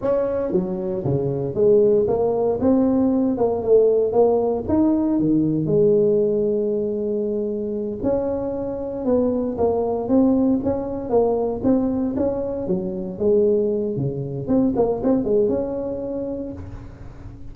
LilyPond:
\new Staff \with { instrumentName = "tuba" } { \time 4/4 \tempo 4 = 116 cis'4 fis4 cis4 gis4 | ais4 c'4. ais8 a4 | ais4 dis'4 dis4 gis4~ | gis2.~ gis8 cis'8~ |
cis'4. b4 ais4 c'8~ | c'8 cis'4 ais4 c'4 cis'8~ | cis'8 fis4 gis4. cis4 | c'8 ais8 c'8 gis8 cis'2 | }